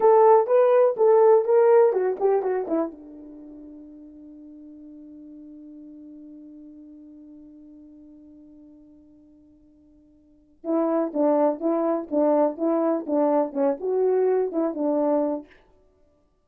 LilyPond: \new Staff \with { instrumentName = "horn" } { \time 4/4 \tempo 4 = 124 a'4 b'4 a'4 ais'4 | fis'8 g'8 fis'8 e'8 d'2~ | d'1~ | d'1~ |
d'1~ | d'2 e'4 d'4 | e'4 d'4 e'4 d'4 | cis'8 fis'4. e'8 d'4. | }